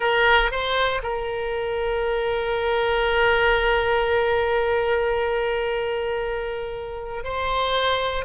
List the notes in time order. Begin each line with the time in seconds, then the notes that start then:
0.00 A#4
0.51 C5
1.02 A#4
7.24 C5